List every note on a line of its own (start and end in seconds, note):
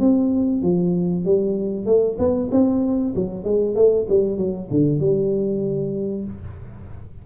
0.00 0.62 C4
0.62 1.25 F3
1.25 1.86 G3
1.86 2.17 A3
2.19 2.50 B3
2.52 3.14 C4
3.15 3.44 F#3
3.44 3.76 G#3
3.76 4.07 A3
4.09 4.38 G3
4.38 4.69 F#3
4.71 5.00 D3
5.00 6.25 G3